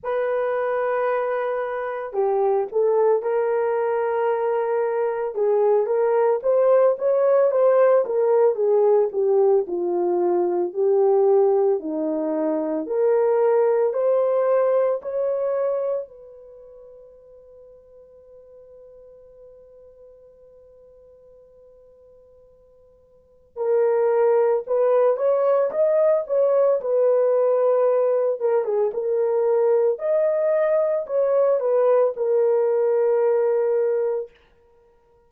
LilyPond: \new Staff \with { instrumentName = "horn" } { \time 4/4 \tempo 4 = 56 b'2 g'8 a'8 ais'4~ | ais'4 gis'8 ais'8 c''8 cis''8 c''8 ais'8 | gis'8 g'8 f'4 g'4 dis'4 | ais'4 c''4 cis''4 b'4~ |
b'1~ | b'2 ais'4 b'8 cis''8 | dis''8 cis''8 b'4. ais'16 gis'16 ais'4 | dis''4 cis''8 b'8 ais'2 | }